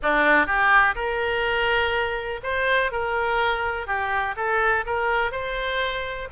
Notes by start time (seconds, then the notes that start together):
0.02 D4
0.46 G4
0.95 A#4
2.43 C5
2.91 A#4
3.87 G4
4.36 A4
4.86 A#4
5.31 C5